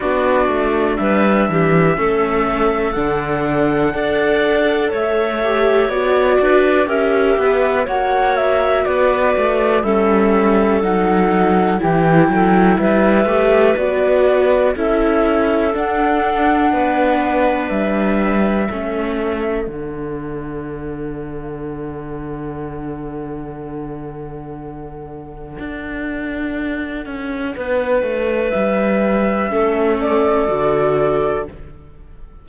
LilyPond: <<
  \new Staff \with { instrumentName = "flute" } { \time 4/4 \tempo 4 = 61 d''4 e''2 fis''4~ | fis''4 e''4 d''4 e''4 | fis''8 e''8 d''4 e''4 fis''4 | g''4 e''4 d''4 e''4 |
fis''2 e''2 | fis''1~ | fis''1~ | fis''4 e''4. d''4. | }
  \new Staff \with { instrumentName = "clarinet" } { \time 4/4 fis'4 b'8 g'8 a'2 | d''4 cis''4. b'8 ais'8 b'8 | cis''4 b'4 a'2 | g'8 a'8 b'2 a'4~ |
a'4 b'2 a'4~ | a'1~ | a'1 | b'2 a'2 | }
  \new Staff \with { instrumentName = "viola" } { \time 4/4 d'2 cis'4 d'4 | a'4. g'8 fis'4 g'4 | fis'2 cis'4 dis'4 | e'4. g'8 fis'4 e'4 |
d'2. cis'4 | d'1~ | d'1~ | d'2 cis'4 fis'4 | }
  \new Staff \with { instrumentName = "cello" } { \time 4/4 b8 a8 g8 e8 a4 d4 | d'4 a4 b8 d'8 cis'8 b8 | ais4 b8 a8 g4 fis4 | e8 fis8 g8 a8 b4 cis'4 |
d'4 b4 g4 a4 | d1~ | d2 d'4. cis'8 | b8 a8 g4 a4 d4 | }
>>